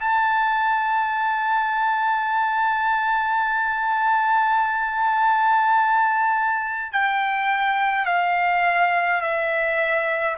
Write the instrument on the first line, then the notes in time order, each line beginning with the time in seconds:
trumpet
0.00 A5
6.93 G5
8.06 F5
9.22 E5